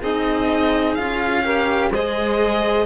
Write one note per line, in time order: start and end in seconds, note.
0.00 0.98 C4
0.00 0.98 D#4
0.00 1.43 G#4
0.00 0.95 D#5
0.95 1.91 C#4
0.95 1.44 F4
0.95 1.90 F5
1.44 1.91 G4
1.44 1.92 A#4
1.91 2.86 G#3
1.91 2.86 G#4
1.91 2.86 C5
1.91 2.86 D#5